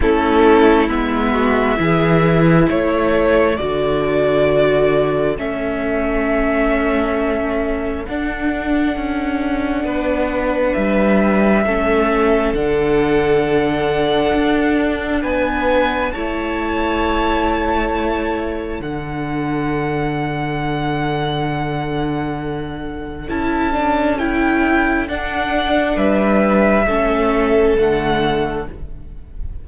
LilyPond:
<<
  \new Staff \with { instrumentName = "violin" } { \time 4/4 \tempo 4 = 67 a'4 e''2 cis''4 | d''2 e''2~ | e''4 fis''2. | e''2 fis''2~ |
fis''4 gis''4 a''2~ | a''4 fis''2.~ | fis''2 a''4 g''4 | fis''4 e''2 fis''4 | }
  \new Staff \with { instrumentName = "violin" } { \time 4/4 e'4. fis'8 gis'4 a'4~ | a'1~ | a'2. b'4~ | b'4 a'2.~ |
a'4 b'4 cis''2~ | cis''4 a'2.~ | a'1~ | a'4 b'4 a'2 | }
  \new Staff \with { instrumentName = "viola" } { \time 4/4 cis'4 b4 e'2 | fis'2 cis'2~ | cis'4 d'2.~ | d'4 cis'4 d'2~ |
d'2 e'2~ | e'4 d'2.~ | d'2 e'8 d'8 e'4 | d'2 cis'4 a4 | }
  \new Staff \with { instrumentName = "cello" } { \time 4/4 a4 gis4 e4 a4 | d2 a2~ | a4 d'4 cis'4 b4 | g4 a4 d2 |
d'4 b4 a2~ | a4 d2.~ | d2 cis'2 | d'4 g4 a4 d4 | }
>>